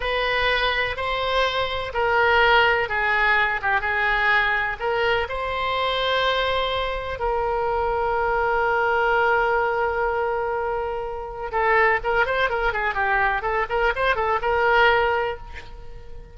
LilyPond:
\new Staff \with { instrumentName = "oboe" } { \time 4/4 \tempo 4 = 125 b'2 c''2 | ais'2 gis'4. g'8 | gis'2 ais'4 c''4~ | c''2. ais'4~ |
ais'1~ | ais'1 | a'4 ais'8 c''8 ais'8 gis'8 g'4 | a'8 ais'8 c''8 a'8 ais'2 | }